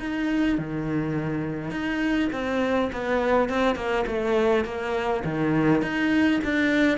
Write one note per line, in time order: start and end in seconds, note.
0.00 0.58 D#4
0.58 1.71 D#3
1.71 2.30 D#4
2.33 2.91 C4
2.93 3.49 B3
3.49 3.76 C4
3.76 4.05 A#3
4.07 4.65 A3
4.65 5.23 A#3
5.25 5.82 D#3
5.82 6.41 D#4
6.44 6.98 D4